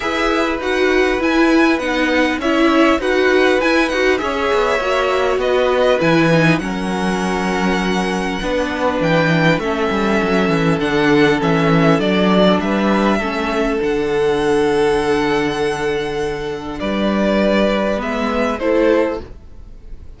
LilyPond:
<<
  \new Staff \with { instrumentName = "violin" } { \time 4/4 \tempo 4 = 100 e''4 fis''4 gis''4 fis''4 | e''4 fis''4 gis''8 fis''8 e''4~ | e''4 dis''4 gis''4 fis''4~ | fis''2. g''4 |
e''2 fis''4 e''4 | d''4 e''2 fis''4~ | fis''1 | d''2 e''4 c''4 | }
  \new Staff \with { instrumentName = "violin" } { \time 4/4 b'1 | cis''4 b'2 cis''4~ | cis''4 b'2 ais'4~ | ais'2 b'2 |
a'1~ | a'4 b'4 a'2~ | a'1 | b'2. a'4 | }
  \new Staff \with { instrumentName = "viola" } { \time 4/4 gis'4 fis'4 e'4 dis'4 | e'4 fis'4 e'8 fis'8 gis'4 | fis'2 e'8 dis'8 cis'4~ | cis'2 d'2 |
cis'2 d'4 cis'4 | d'2 cis'4 d'4~ | d'1~ | d'2 b4 e'4 | }
  \new Staff \with { instrumentName = "cello" } { \time 4/4 e'4 dis'4 e'4 b4 | cis'4 dis'4 e'8 dis'8 cis'8 b8 | ais4 b4 e4 fis4~ | fis2 b4 e4 |
a8 g8 fis8 e8 d4 e4 | fis4 g4 a4 d4~ | d1 | g2 gis4 a4 | }
>>